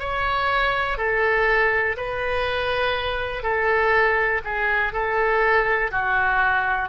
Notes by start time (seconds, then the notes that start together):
0.00 C#5
0.98 A4
1.97 B4
3.43 A4
4.45 G#4
4.94 A4
5.92 F#4